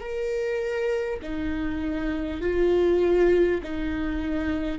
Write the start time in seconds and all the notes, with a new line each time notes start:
0.00 A#4
1.23 D#4
2.42 F4
3.63 D#4